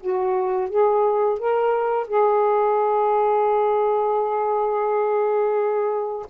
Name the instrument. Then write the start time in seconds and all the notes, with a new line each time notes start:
saxophone
0.00 F#4
0.69 G#4
1.39 A#4
2.07 G#4